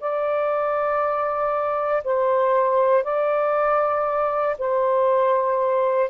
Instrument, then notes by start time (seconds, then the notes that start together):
saxophone
0.00 D5
2.04 C5
3.04 D5
4.58 C5